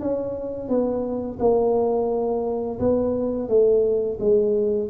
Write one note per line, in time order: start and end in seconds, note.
0.00 0.68 C#4
0.68 1.38 B3
1.40 2.79 A#3
2.79 3.49 B3
3.49 4.18 A3
4.20 4.89 G#3